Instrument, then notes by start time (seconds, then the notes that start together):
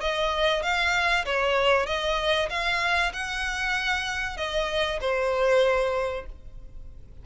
violin
0.00 D#5
0.62 F5
1.25 C#5
1.86 D#5
2.49 F5
3.12 F#5
4.37 D#5
5.00 C5